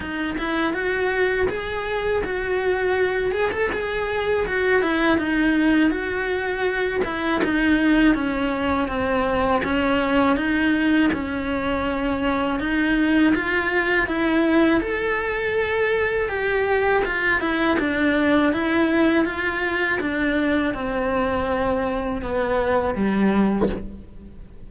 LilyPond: \new Staff \with { instrumentName = "cello" } { \time 4/4 \tempo 4 = 81 dis'8 e'8 fis'4 gis'4 fis'4~ | fis'8 gis'16 a'16 gis'4 fis'8 e'8 dis'4 | fis'4. e'8 dis'4 cis'4 | c'4 cis'4 dis'4 cis'4~ |
cis'4 dis'4 f'4 e'4 | a'2 g'4 f'8 e'8 | d'4 e'4 f'4 d'4 | c'2 b4 g4 | }